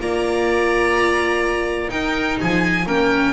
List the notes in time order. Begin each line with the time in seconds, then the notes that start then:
0.00 A#3 F4 D5 A#5
1.89 D#4 A#4 G5
2.40 F3 G#4 G#5
2.86 A#3 C#4 A#4 G5